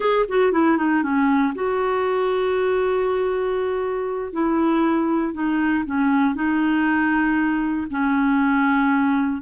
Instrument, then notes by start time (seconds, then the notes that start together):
clarinet
0.00 G#4
0.28 F#4
0.52 E4
0.77 D#4
1.02 C#4
1.54 F#4
4.32 E4
5.33 D#4
5.85 C#4
6.34 D#4
7.90 C#4